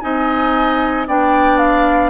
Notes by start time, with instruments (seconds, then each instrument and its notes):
0.00 bassoon C4, clarinet D#4, oboe D#5, flute G#5
1.07 bassoon B3, clarinet D4, oboe D5, flute G5
1.58 flute F5